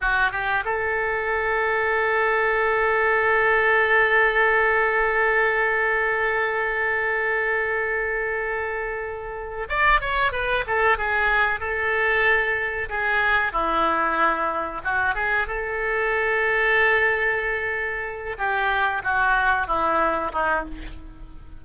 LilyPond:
\new Staff \with { instrumentName = "oboe" } { \time 4/4 \tempo 4 = 93 fis'8 g'8 a'2.~ | a'1~ | a'1~ | a'2. d''8 cis''8 |
b'8 a'8 gis'4 a'2 | gis'4 e'2 fis'8 gis'8 | a'1~ | a'8 g'4 fis'4 e'4 dis'8 | }